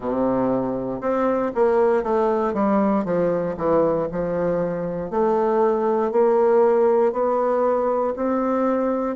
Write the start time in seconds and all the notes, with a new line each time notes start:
0.00 C3
1.00 C4
1.54 A#3
2.03 A3
2.53 G3
3.05 F3
3.57 E3
4.11 F3
5.10 A3
6.11 A#3
7.12 B3
8.15 C4